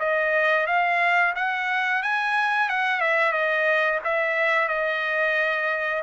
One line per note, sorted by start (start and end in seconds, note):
0.00 0.67 D#5
0.67 1.35 F5
1.36 2.03 F#5
2.03 2.69 G#5
2.69 3.01 F#5
3.01 3.32 E5
3.32 4.00 D#5
4.04 4.69 E5
4.69 6.04 D#5